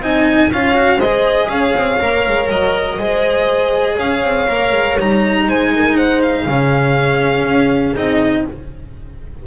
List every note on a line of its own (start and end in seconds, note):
0.00 0.50 C4
0.00 0.52 D#4
0.00 0.52 D#5
0.00 0.53 G#5
0.52 0.98 C#4
0.52 0.74 F4
0.52 0.99 C#5
0.52 1.01 F5
0.74 0.99 F#4
0.98 1.47 G#3
0.98 1.48 C5
0.98 1.49 D#5
1.04 2.00 G#4
1.49 1.74 C#4
1.49 2.99 C#5
1.49 2.48 F5
1.75 2.00 C4
2.00 2.27 A#3
2.00 2.99 A#4
2.27 2.49 G#3
2.49 2.99 F#3
2.49 3.99 D#5
2.99 3.98 G#3
2.99 4.48 G#4
2.99 3.95 C5
3.95 4.23 C#4
3.95 5.44 C#5
3.95 4.98 F5
4.23 4.48 C4
4.49 4.72 A#3
4.49 4.98 A#4
4.72 4.97 G#3
4.99 5.47 G3
4.99 6.48 D#4
4.99 5.49 A#5
5.47 6.47 G#3
5.47 5.73 C5
5.47 5.97 G#5
5.76 5.96 A#4
5.96 6.45 C5
5.96 6.22 F#5
6.22 7.96 F5
6.45 7.45 C#3
6.45 7.95 C#4
6.45 8.44 G#4
7.45 7.94 C#4
7.95 8.46 C4
7.95 8.45 D#4
7.95 8.46 D#5